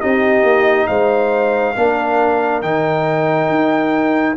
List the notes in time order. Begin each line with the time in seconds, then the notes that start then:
0.00 C4 D#4 G4 D#5
0.42 A#3
0.87 G#3 C5 F5
1.75 A#3 D4 A#4
2.61 D#3 D#4 G5
3.49 D#4